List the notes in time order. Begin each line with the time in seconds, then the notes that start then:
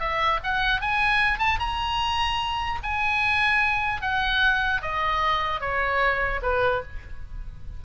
0.00 E5
0.44 F#5
0.81 G#5
1.39 A5
1.60 A#5
2.83 G#5
4.01 F#5
4.82 D#5
5.61 C#5
6.42 B4